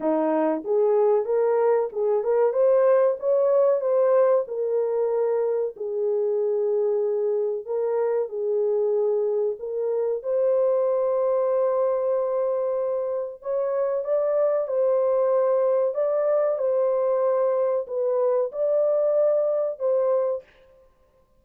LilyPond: \new Staff \with { instrumentName = "horn" } { \time 4/4 \tempo 4 = 94 dis'4 gis'4 ais'4 gis'8 ais'8 | c''4 cis''4 c''4 ais'4~ | ais'4 gis'2. | ais'4 gis'2 ais'4 |
c''1~ | c''4 cis''4 d''4 c''4~ | c''4 d''4 c''2 | b'4 d''2 c''4 | }